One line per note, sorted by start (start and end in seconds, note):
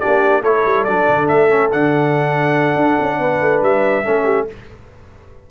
0.00 0.43 D4
0.00 0.42 G4
0.00 0.43 D5
0.06 0.43 A#3
0.42 0.64 A3
0.42 0.88 E4
0.42 3.19 A4
0.42 0.84 C#5
0.66 0.87 G3
0.84 1.09 F#3
0.84 1.49 D4
0.84 1.27 D5
1.09 1.31 D3
1.28 1.73 A3
1.28 1.71 E5
1.49 1.70 C#4
1.72 2.76 D3
1.72 4.05 D4
1.72 3.63 F#5
2.76 2.97 D4
3.01 3.19 C#4
3.19 3.40 B3
3.19 4.05 B4
3.41 3.62 A3
3.62 4.04 G3
3.62 4.48 E5
4.05 4.51 A3
4.05 4.47 C#4
4.05 4.25 A4
4.25 4.46 G4